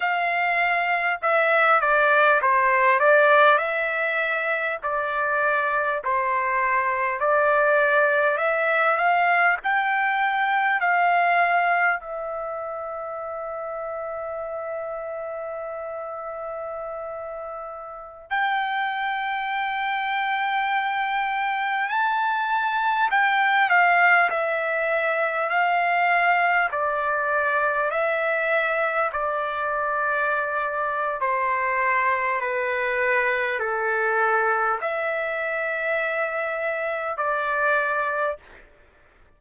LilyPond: \new Staff \with { instrumentName = "trumpet" } { \time 4/4 \tempo 4 = 50 f''4 e''8 d''8 c''8 d''8 e''4 | d''4 c''4 d''4 e''8 f''8 | g''4 f''4 e''2~ | e''2.~ e''16 g''8.~ |
g''2~ g''16 a''4 g''8 f''16~ | f''16 e''4 f''4 d''4 e''8.~ | e''16 d''4.~ d''16 c''4 b'4 | a'4 e''2 d''4 | }